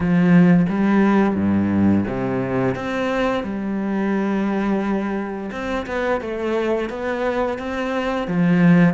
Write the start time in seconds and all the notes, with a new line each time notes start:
0.00 F3
0.69 G3
1.35 G2
2.07 C3
2.75 C4
3.43 G3
5.51 C4
5.86 B3
6.20 A3
6.89 B3
7.58 C4
8.27 F3